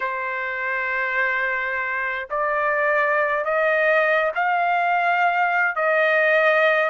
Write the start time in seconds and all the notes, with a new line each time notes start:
0.00 C5
2.30 D5
3.45 D#5
4.35 F5
5.75 D#5